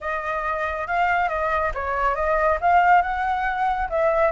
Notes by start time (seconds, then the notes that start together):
0.00 D#5
0.87 F5
1.28 D#5
1.74 C#5
2.15 D#5
2.60 F5
3.02 F#5
3.89 E5